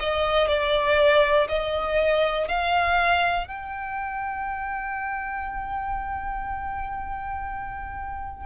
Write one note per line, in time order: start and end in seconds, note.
0.00 0.48 D#5
0.48 1.48 D5
1.49 2.49 D#5
2.49 3.47 F5
3.47 8.46 G5